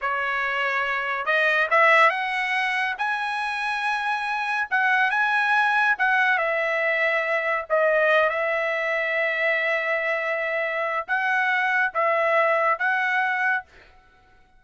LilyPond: \new Staff \with { instrumentName = "trumpet" } { \time 4/4 \tempo 4 = 141 cis''2. dis''4 | e''4 fis''2 gis''4~ | gis''2. fis''4 | gis''2 fis''4 e''4~ |
e''2 dis''4. e''8~ | e''1~ | e''2 fis''2 | e''2 fis''2 | }